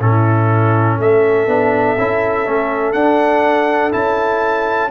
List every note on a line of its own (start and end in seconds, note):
0.00 0.98 A2
0.00 1.48 C#4
0.00 0.98 E4
0.00 1.00 A4
0.98 1.47 A3
0.98 4.91 A4
0.98 2.93 E5
1.47 1.97 B3
1.47 1.97 D4
1.98 2.47 C#4
1.98 2.46 E4
2.46 2.95 A3
2.46 2.95 C#4
2.93 3.92 D4
2.93 3.93 D4
2.93 3.91 F#5
3.92 4.91 C#4
3.92 4.90 E4
3.92 4.91 A5